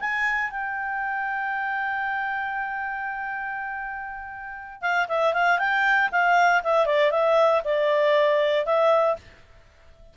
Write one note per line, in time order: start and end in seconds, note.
0.00 0.50 G#5
0.50 4.82 G5
4.82 5.07 F5
5.08 5.34 E5
5.34 5.59 F5
5.59 6.09 G5
6.12 6.62 F5
6.64 6.86 E5
6.86 7.11 D5
7.11 7.62 E5
7.65 8.66 D5
8.66 9.16 E5